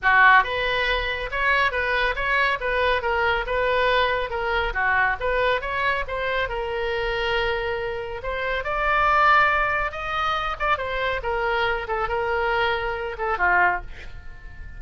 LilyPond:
\new Staff \with { instrumentName = "oboe" } { \time 4/4 \tempo 4 = 139 fis'4 b'2 cis''4 | b'4 cis''4 b'4 ais'4 | b'2 ais'4 fis'4 | b'4 cis''4 c''4 ais'4~ |
ais'2. c''4 | d''2. dis''4~ | dis''8 d''8 c''4 ais'4. a'8 | ais'2~ ais'8 a'8 f'4 | }